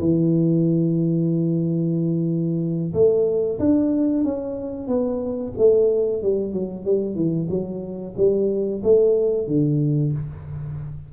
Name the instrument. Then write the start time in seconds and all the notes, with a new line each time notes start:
tuba
0.00 E3
2.94 A3
3.60 D4
4.24 C#4
4.88 B3
5.58 A3
6.23 G3
6.54 F#3
6.85 G3
7.16 E3
7.50 F#3
8.17 G3
8.84 A3
9.48 D3